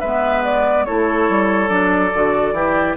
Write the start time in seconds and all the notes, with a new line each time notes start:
0.00 G#3 B3 B4 E5
0.44 D5
0.85 A3 E4 A4 C#5
1.29 G3
1.68 F#3 D4 D5
2.14 D3 F#4
2.52 E3 E4 G4